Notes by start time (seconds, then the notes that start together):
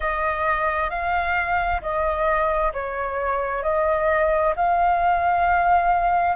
0.00 D#5
0.90 F5
1.81 D#5
2.73 C#5
3.62 D#5
4.55 F5